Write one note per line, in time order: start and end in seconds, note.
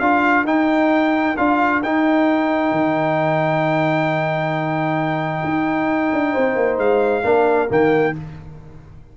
0.00 0.44 D4
0.00 0.46 F4
0.00 6.32 A#4
0.00 0.45 F5
0.44 1.34 D#4
0.44 1.36 D#4
0.44 1.37 G5
1.37 1.83 D4
1.37 1.83 F4
1.37 1.82 F5
1.83 2.72 D#4
1.83 7.23 D#4
1.83 6.79 G5
2.72 5.42 D#3
5.44 6.12 D#4
6.13 6.35 D4
6.32 6.56 C4
6.32 7.22 C5
6.56 6.78 A#3
6.78 7.23 G#3
6.78 7.69 F5
7.23 7.70 A#3
7.23 7.68 D4
7.23 8.16 A#4
7.68 8.16 D#3
7.68 8.13 A#3
7.68 8.17 G5